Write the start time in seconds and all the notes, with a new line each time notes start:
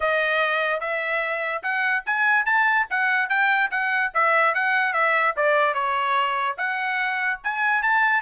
0.00 D#5
0.80 E5
1.62 F#5
2.05 G#5
2.45 A5
2.90 F#5
3.29 G5
3.71 F#5
4.14 E5
4.54 F#5
4.93 E5
5.36 D5
5.74 C#5
6.57 F#5
7.43 G#5
7.82 A5